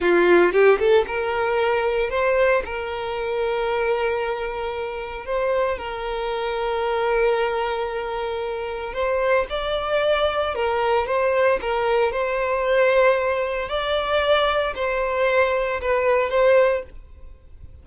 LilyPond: \new Staff \with { instrumentName = "violin" } { \time 4/4 \tempo 4 = 114 f'4 g'8 a'8 ais'2 | c''4 ais'2.~ | ais'2 c''4 ais'4~ | ais'1~ |
ais'4 c''4 d''2 | ais'4 c''4 ais'4 c''4~ | c''2 d''2 | c''2 b'4 c''4 | }